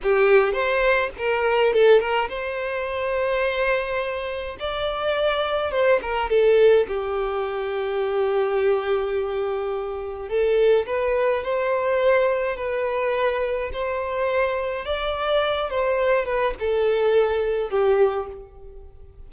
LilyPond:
\new Staff \with { instrumentName = "violin" } { \time 4/4 \tempo 4 = 105 g'4 c''4 ais'4 a'8 ais'8 | c''1 | d''2 c''8 ais'8 a'4 | g'1~ |
g'2 a'4 b'4 | c''2 b'2 | c''2 d''4. c''8~ | c''8 b'8 a'2 g'4 | }